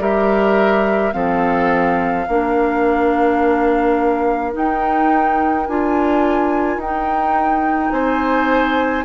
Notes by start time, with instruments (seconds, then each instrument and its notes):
0.00 bassoon G3, clarinet G4, oboe A#4, flute E5
1.13 bassoon F3, clarinet C4, oboe A4, flute F5
2.28 bassoon A#3, clarinet D4, oboe A#4
4.53 clarinet D#4, bassoon D#4, flute G5
5.67 bassoon D4, clarinet F4, flute G#5
6.77 bassoon D#4, clarinet D#4, flute G5
7.92 bassoon C4, oboe C5, flute G#5